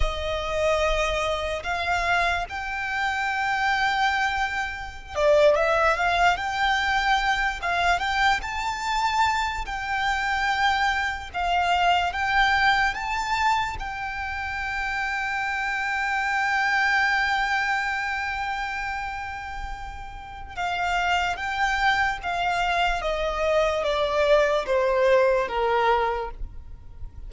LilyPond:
\new Staff \with { instrumentName = "violin" } { \time 4/4 \tempo 4 = 73 dis''2 f''4 g''4~ | g''2~ g''16 d''8 e''8 f''8 g''16~ | g''4~ g''16 f''8 g''8 a''4. g''16~ | g''4.~ g''16 f''4 g''4 a''16~ |
a''8. g''2.~ g''16~ | g''1~ | g''4 f''4 g''4 f''4 | dis''4 d''4 c''4 ais'4 | }